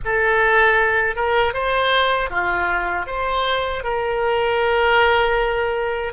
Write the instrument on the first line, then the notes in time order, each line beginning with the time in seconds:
oboe
0.05 A4
1.15 A#4
1.53 C5
2.29 F4
3.06 C5
3.83 A#4